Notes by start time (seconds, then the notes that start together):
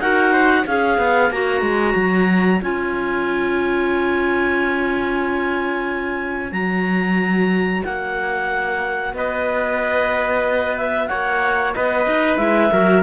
0.00 D#4 F#4 A#4 F#5
0.33 C5
0.62 C#4 G#4 C#5 F5
0.99 B3
1.31 A#3 F#4 A#5
1.62 G#3
1.96 F#3
2.62 C#4 F4 G#5
6.51 F#3 F#4 A#5
7.85 A#3 F#5
9.14 B3 B4 D#5
10.78 E5
11.08 A#3 C#5 F#5
11.75 B3 B4 D#5
12.07 D#4
12.38 G#3 E4 E5
12.73 F#3 F#4 A#4